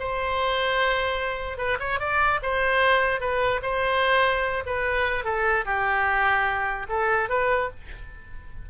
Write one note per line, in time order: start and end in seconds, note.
0.00 1.58 C5
1.58 1.78 B4
1.80 2.00 C#5
2.00 2.40 D5
2.43 3.21 C5
3.21 3.61 B4
3.63 4.64 C5
4.66 5.25 B4
5.25 5.65 A4
5.66 6.87 G4
6.89 7.30 A4
7.30 7.70 B4